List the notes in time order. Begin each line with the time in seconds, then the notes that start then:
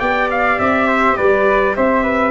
0.00 B3 G4 D5 G5
0.31 F5
0.60 C4 E5
0.88 C5
1.17 G3 B4 D5
1.76 C4 C5 E5
2.03 B4